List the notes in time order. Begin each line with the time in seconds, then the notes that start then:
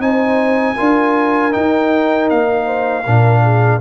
0.00 C4 D#4 C5 G#5
0.76 D4 F4 A#4
1.52 D#4 G5
2.30 A#3 F5
2.66 C5
3.04 A#2 D4 A#4
3.43 G#4